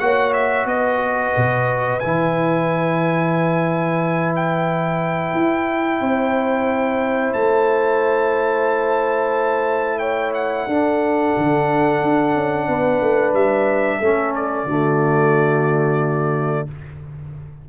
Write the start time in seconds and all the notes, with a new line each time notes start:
0.00 A#3 F#4 C#5 F#5
0.34 E5
0.66 B3 B4 D#5
1.37 B2
2.00 E3 E4 G#5
4.36 G5
5.35 E4
6.01 C4 C5
7.33 A3 A5
9.99 C#5 G5
10.34 F#5
10.67 D4 A4
11.37 D3
12.03 D4
12.35 C#4
12.68 B3 B4
13.02 A3
13.34 G3 E5
13.99 A3 C#4 A4
14.36 D5
14.65 D3 A3 F#4